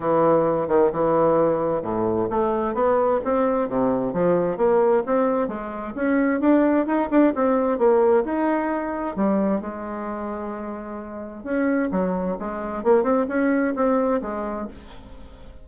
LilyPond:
\new Staff \with { instrumentName = "bassoon" } { \time 4/4 \tempo 4 = 131 e4. dis8 e2 | a,4 a4 b4 c'4 | c4 f4 ais4 c'4 | gis4 cis'4 d'4 dis'8 d'8 |
c'4 ais4 dis'2 | g4 gis2.~ | gis4 cis'4 fis4 gis4 | ais8 c'8 cis'4 c'4 gis4 | }